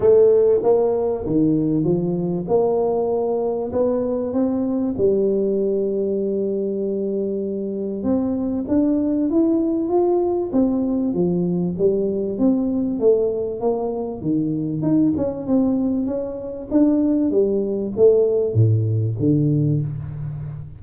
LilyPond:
\new Staff \with { instrumentName = "tuba" } { \time 4/4 \tempo 4 = 97 a4 ais4 dis4 f4 | ais2 b4 c'4 | g1~ | g4 c'4 d'4 e'4 |
f'4 c'4 f4 g4 | c'4 a4 ais4 dis4 | dis'8 cis'8 c'4 cis'4 d'4 | g4 a4 a,4 d4 | }